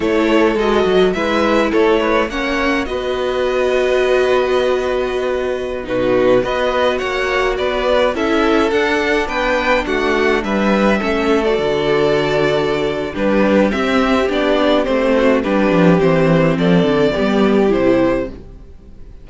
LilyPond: <<
  \new Staff \with { instrumentName = "violin" } { \time 4/4 \tempo 4 = 105 cis''4 dis''4 e''4 cis''4 | fis''4 dis''2.~ | dis''2~ dis''16 b'4 dis''8.~ | dis''16 fis''4 d''4 e''4 fis''8.~ |
fis''16 g''4 fis''4 e''4.~ e''16 | d''2. b'4 | e''4 d''4 c''4 b'4 | c''4 d''2 c''4 | }
  \new Staff \with { instrumentName = "violin" } { \time 4/4 a'2 b'4 a'8 b'8 | cis''4 b'2.~ | b'2~ b'16 fis'4 b'8.~ | b'16 cis''4 b'4 a'4.~ a'16~ |
a'16 b'4 fis'4 b'4 a'8.~ | a'2. g'4~ | g'2~ g'8 fis'8 g'4~ | g'4 a'4 g'2 | }
  \new Staff \with { instrumentName = "viola" } { \time 4/4 e'4 fis'4 e'2 | cis'4 fis'2.~ | fis'2~ fis'16 dis'4 fis'8.~ | fis'2~ fis'16 e'4 d'8.~ |
d'2.~ d'16 cis'8. | fis'2. d'4 | c'4 d'4 c'4 d'4 | c'2 b4 e'4 | }
  \new Staff \with { instrumentName = "cello" } { \time 4/4 a4 gis8 fis8 gis4 a4 | ais4 b2.~ | b2~ b16 b,4 b8.~ | b16 ais4 b4 cis'4 d'8.~ |
d'16 b4 a4 g4 a8.~ | a16 d2~ d8. g4 | c'4 b4 a4 g8 f8 | e4 f8 d8 g4 c4 | }
>>